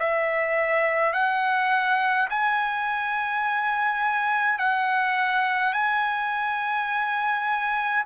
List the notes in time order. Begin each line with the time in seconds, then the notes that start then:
0.00 E5
1.13 F#5
2.30 G#5
4.59 F#5
5.74 G#5